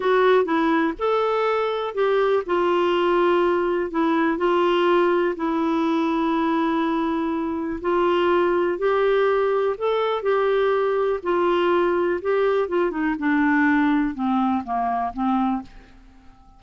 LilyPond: \new Staff \with { instrumentName = "clarinet" } { \time 4/4 \tempo 4 = 123 fis'4 e'4 a'2 | g'4 f'2. | e'4 f'2 e'4~ | e'1 |
f'2 g'2 | a'4 g'2 f'4~ | f'4 g'4 f'8 dis'8 d'4~ | d'4 c'4 ais4 c'4 | }